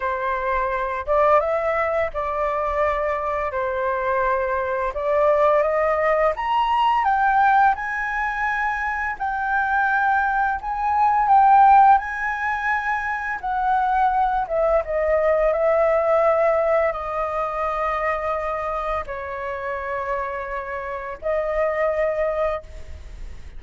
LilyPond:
\new Staff \with { instrumentName = "flute" } { \time 4/4 \tempo 4 = 85 c''4. d''8 e''4 d''4~ | d''4 c''2 d''4 | dis''4 ais''4 g''4 gis''4~ | gis''4 g''2 gis''4 |
g''4 gis''2 fis''4~ | fis''8 e''8 dis''4 e''2 | dis''2. cis''4~ | cis''2 dis''2 | }